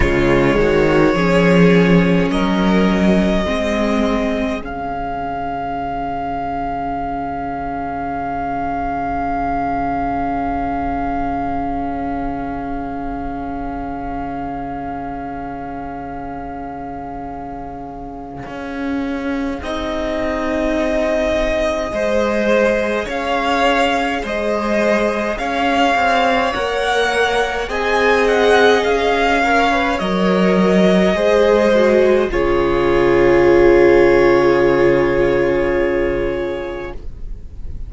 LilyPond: <<
  \new Staff \with { instrumentName = "violin" } { \time 4/4 \tempo 4 = 52 cis''2 dis''2 | f''1~ | f''1~ | f''1~ |
f''4 dis''2. | f''4 dis''4 f''4 fis''4 | gis''8 fis''8 f''4 dis''2 | cis''1 | }
  \new Staff \with { instrumentName = "violin" } { \time 4/4 f'8 fis'8 gis'4 ais'4 gis'4~ | gis'1~ | gis'1~ | gis'1~ |
gis'2. c''4 | cis''4 c''4 cis''2 | dis''4. cis''4. c''4 | gis'1 | }
  \new Staff \with { instrumentName = "viola" } { \time 4/4 gis4 cis'2 c'4 | cis'1~ | cis'1~ | cis'1~ |
cis'4 dis'2 gis'4~ | gis'2. ais'4 | gis'4. ais'16 b'16 ais'4 gis'8 fis'8 | f'1 | }
  \new Staff \with { instrumentName = "cello" } { \time 4/4 cis8 dis8 f4 fis4 gis4 | cis1~ | cis1~ | cis1 |
cis'4 c'2 gis4 | cis'4 gis4 cis'8 c'8 ais4 | c'4 cis'4 fis4 gis4 | cis1 | }
>>